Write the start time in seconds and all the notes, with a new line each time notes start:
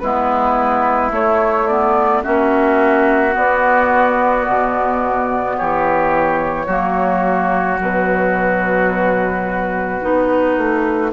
0.00 G#3 B3 E4 B4
1.11 A3 C#5
1.67 B3 D5
2.23 A#3 C#4 F#4 E5
3.32 B3 D5
4.48 B2
5.57 E3 G4 C#5
6.67 F#3 A#3 F#4
7.78 B2 F#3 B4
10.01 B3 D#4
10.58 A3